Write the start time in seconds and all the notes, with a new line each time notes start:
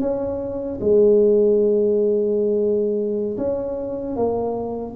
0.00 C#4
0.81 G#3
3.38 C#4
4.16 A#3